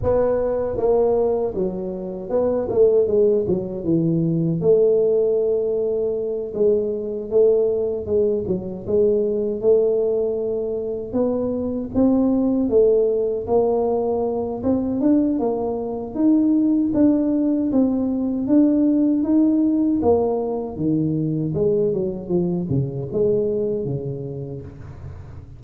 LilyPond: \new Staff \with { instrumentName = "tuba" } { \time 4/4 \tempo 4 = 78 b4 ais4 fis4 b8 a8 | gis8 fis8 e4 a2~ | a8 gis4 a4 gis8 fis8 gis8~ | gis8 a2 b4 c'8~ |
c'8 a4 ais4. c'8 d'8 | ais4 dis'4 d'4 c'4 | d'4 dis'4 ais4 dis4 | gis8 fis8 f8 cis8 gis4 cis4 | }